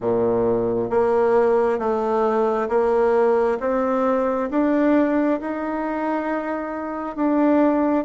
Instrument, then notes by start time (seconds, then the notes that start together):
bassoon
0.00 A#2
0.90 A#3
1.78 A3
2.68 A#3
3.60 C4
4.50 D4
5.40 D#4
7.16 D4